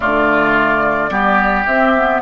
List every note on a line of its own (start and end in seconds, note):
0.00 1.10 D3
0.00 1.10 A3
0.00 1.10 F4
0.00 1.65 D5
1.10 1.65 G3
1.10 1.65 B3
1.10 2.21 G4
1.65 2.21 C4
1.65 1.96 C4
1.65 2.21 E5
1.96 2.21 B3